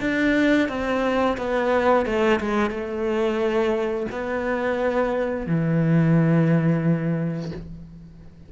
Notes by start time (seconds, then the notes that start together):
0.00 D4
0.68 C4
1.37 B3
2.05 A3
2.40 G#3
2.70 A3
4.11 B3
5.46 E3